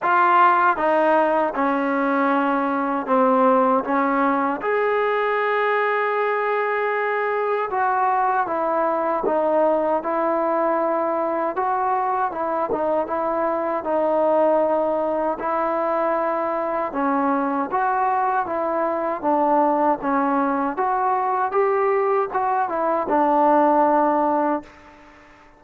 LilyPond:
\new Staff \with { instrumentName = "trombone" } { \time 4/4 \tempo 4 = 78 f'4 dis'4 cis'2 | c'4 cis'4 gis'2~ | gis'2 fis'4 e'4 | dis'4 e'2 fis'4 |
e'8 dis'8 e'4 dis'2 | e'2 cis'4 fis'4 | e'4 d'4 cis'4 fis'4 | g'4 fis'8 e'8 d'2 | }